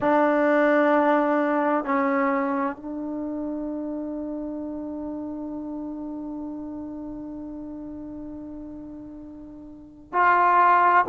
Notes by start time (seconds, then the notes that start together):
0.00 D4
1.84 C#4
2.76 D4
10.12 F4